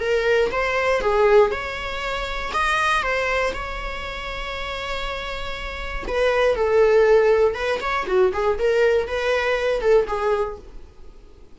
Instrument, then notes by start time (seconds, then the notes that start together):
viola
0.00 A#4
0.51 C5
1.01 G#4
1.51 C#5
2.53 D#5
3.02 C5
3.53 C#5
6.07 B4
6.55 A4
7.54 B4
7.80 C#5
8.07 F#4
8.33 G#4
8.58 A#4
9.07 B4
9.81 A4
10.07 G#4